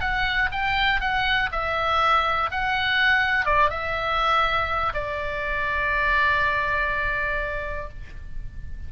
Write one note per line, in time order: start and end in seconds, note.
0.00 0.49 F#5
0.52 1.01 G5
1.01 1.50 F#5
1.52 2.50 E5
2.51 3.45 F#5
3.45 3.70 D5
3.70 4.93 E5
4.94 7.89 D5